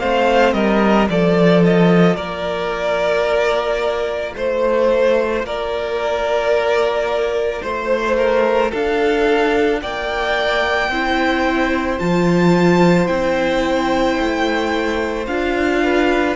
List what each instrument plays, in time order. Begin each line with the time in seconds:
0.00 cello A3, viola C4, violin C5 F5
0.53 cello G3, violin A#4 D#5
1.08 cello F3, viola F4, violin A4 D5
1.65 violin D#5
2.16 cello A#3, violin A#4 D5
4.36 cello A3, violin C5
5.43 cello A#3, violin A#4 D5
7.62 cello A3, violin C5
8.17 violin A#4
8.72 cello D4, violin A4 F5
9.82 cello A#3, violin D5 G5
10.89 cello C4, viola E4, violin C5
11.99 cello F3, viola F4, violin A5
13.07 cello C4, viola E4, violin G5
14.20 cello A3
15.27 cello D4, viola F4, violin F5
15.84 violin B4